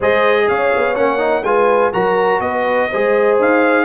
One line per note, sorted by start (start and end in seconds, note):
0.00 0.49 G#3
0.00 0.95 G#4
0.00 0.45 C5
0.00 0.48 D#5
0.48 0.73 C#4
0.48 1.45 C#5
0.48 0.95 F5
0.76 0.97 B3
0.95 1.43 A#3
0.95 1.18 C#4
0.95 1.43 F#5
1.18 1.42 D#4
1.43 1.91 G#3
1.43 1.92 F4
1.43 1.92 B4
1.43 1.92 G#5
1.92 2.40 F#3
1.92 2.89 F#4
1.92 2.41 A#4
1.92 2.41 A#5
2.40 2.88 B3
2.40 3.37 D#5
2.46 2.89 B4
2.89 3.39 G#3
2.89 3.84 G#4
2.89 3.84 C5
3.39 3.84 D#4
3.39 3.84 F5